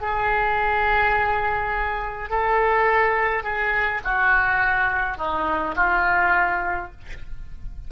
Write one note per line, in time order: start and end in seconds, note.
0.00 2.29 G#4
2.29 3.43 A4
3.43 4.01 G#4
4.04 5.17 F#4
5.17 5.75 D#4
5.75 6.91 F4